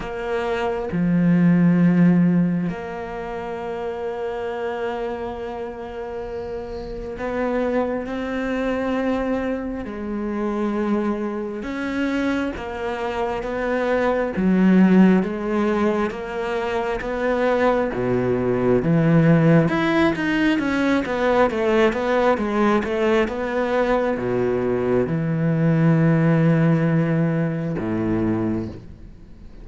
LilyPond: \new Staff \with { instrumentName = "cello" } { \time 4/4 \tempo 4 = 67 ais4 f2 ais4~ | ais1 | b4 c'2 gis4~ | gis4 cis'4 ais4 b4 |
fis4 gis4 ais4 b4 | b,4 e4 e'8 dis'8 cis'8 b8 | a8 b8 gis8 a8 b4 b,4 | e2. a,4 | }